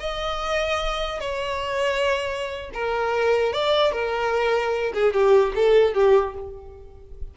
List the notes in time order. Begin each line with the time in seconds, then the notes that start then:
0.00 D#5
1.20 C#5
2.74 A#4
3.53 D5
3.92 A#4
4.94 G#4
5.13 G4
5.56 A4
5.94 G4